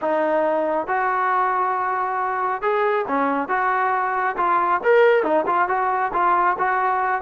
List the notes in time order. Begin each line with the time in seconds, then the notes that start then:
0.01 D#4
0.87 F#4
2.61 G#4
3.08 C#4
3.48 F#4
4.37 F4
4.83 A#4
5.23 D#4
5.46 F4
5.68 F#4
6.13 F4
6.58 F#4